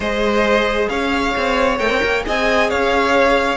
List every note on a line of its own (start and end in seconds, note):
0.00 0.87 G#3
0.00 1.79 G#4
0.00 0.89 C5
0.00 0.88 D#5
0.88 1.34 C#4
0.88 2.24 C#5
0.88 1.78 F5
1.36 1.79 C4
1.78 1.89 A3
1.78 2.24 A#4
1.78 2.23 G5
1.89 2.00 C4
2.03 2.25 A#3
2.24 2.71 C4
2.24 3.56 G#4
2.24 2.69 D#5
2.24 2.69 G#5
2.69 3.56 C#4
2.69 3.56 C#5
2.69 3.56 F5